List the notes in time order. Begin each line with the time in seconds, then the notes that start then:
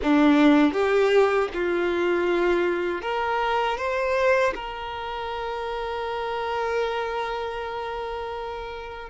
0.02 D4
0.72 G4
1.53 F4
3.01 A#4
3.77 C5
4.54 A#4